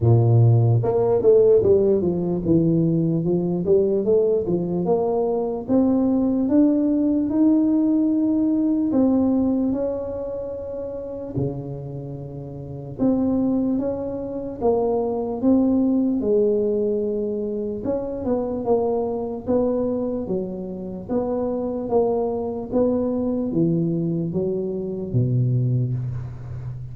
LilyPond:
\new Staff \with { instrumentName = "tuba" } { \time 4/4 \tempo 4 = 74 ais,4 ais8 a8 g8 f8 e4 | f8 g8 a8 f8 ais4 c'4 | d'4 dis'2 c'4 | cis'2 cis2 |
c'4 cis'4 ais4 c'4 | gis2 cis'8 b8 ais4 | b4 fis4 b4 ais4 | b4 e4 fis4 b,4 | }